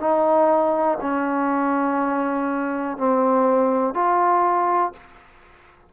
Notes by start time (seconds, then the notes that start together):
0.00 D#4
1.01 C#4
2.97 C4
3.94 F4